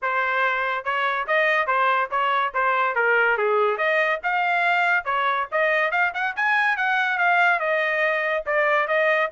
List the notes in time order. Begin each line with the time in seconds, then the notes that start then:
0.02 C5
0.84 C#5
1.27 D#5
1.67 C5
2.10 C#5
2.54 C5
2.95 A#4
3.37 G#4
3.77 D#5
4.23 F5
5.05 C#5
5.51 D#5
5.91 F5
6.14 F#5
6.36 G#5
6.77 F#5
7.18 F5
7.59 D#5
8.46 D5
8.87 D#5